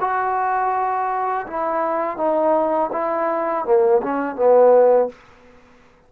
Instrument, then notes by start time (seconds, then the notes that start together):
trombone
0.00 F#4
1.47 E4
2.17 D#4
2.92 E4
3.65 A#3
4.03 C#4
4.36 B3